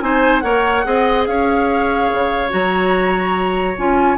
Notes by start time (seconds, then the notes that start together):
0.00 C4 D#4 C5 G#5
0.39 A#3 A#4 C#5 F#5
0.84 C4 G#4 D#5
1.25 C#4 C#5 F5
2.13 C#3
2.49 F#3 F#4 A#5
3.77 C#4 F4 G#5